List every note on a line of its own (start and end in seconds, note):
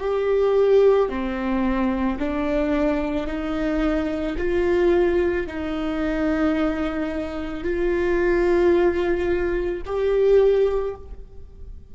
0.00 1.09 G4
1.09 2.18 C4
2.19 3.26 D4
3.26 4.35 D#4
4.37 5.46 F4
5.46 7.63 D#4
7.63 9.81 F4
9.85 10.94 G4